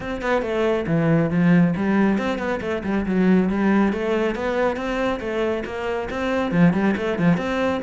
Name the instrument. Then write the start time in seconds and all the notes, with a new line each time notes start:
cello
0.00 C4
0.21 B3
0.42 A3
0.87 E3
1.30 F3
1.76 G3
2.18 C4
2.38 B3
2.61 A3
2.83 G3
3.06 F#3
3.49 G3
3.92 A3
4.35 B3
4.76 C4
5.20 A3
5.65 A#3
6.09 C4
6.51 F3
6.73 G3
6.97 A3
7.18 F3
7.37 C4